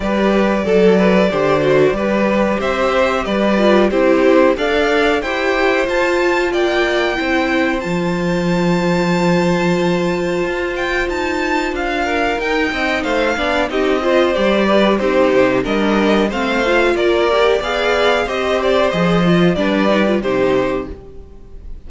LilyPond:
<<
  \new Staff \with { instrumentName = "violin" } { \time 4/4 \tempo 4 = 92 d''1 | e''4 d''4 c''4 f''4 | g''4 a''4 g''2 | a''1~ |
a''8 g''8 a''4 f''4 g''4 | f''4 dis''4 d''4 c''4 | dis''4 f''4 d''4 f''4 | dis''8 d''8 dis''4 d''4 c''4 | }
  \new Staff \with { instrumentName = "violin" } { \time 4/4 b'4 a'8 b'8 c''4 b'4 | c''4 b'4 g'4 d''4 | c''2 d''4 c''4~ | c''1~ |
c''2~ c''8 ais'4 dis''8 | c''8 d''8 g'8 c''4 b'8 g'4 | ais'4 c''4 ais'4 d''4 | c''2 b'4 g'4 | }
  \new Staff \with { instrumentName = "viola" } { \time 4/4 g'4 a'4 g'8 fis'8 g'4~ | g'4. f'8 e'4 a'4 | g'4 f'2 e'4 | f'1~ |
f'2. dis'4~ | dis'8 d'8 dis'8 f'8 g'4 dis'4 | d'4 c'8 f'4 g'8 gis'4 | g'4 gis'8 f'8 d'8 dis'16 f'16 dis'4 | }
  \new Staff \with { instrumentName = "cello" } { \time 4/4 g4 fis4 d4 g4 | c'4 g4 c'4 d'4 | e'4 f'4 ais4 c'4 | f1 |
f'4 dis'4 d'4 dis'8 c'8 | a8 b8 c'4 g4 c'8 c8 | g4 a4 ais4 b4 | c'4 f4 g4 c4 | }
>>